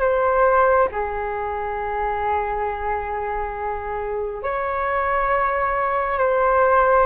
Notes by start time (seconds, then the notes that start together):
0.00 C5
0.91 G#4
4.43 C#5
6.18 C5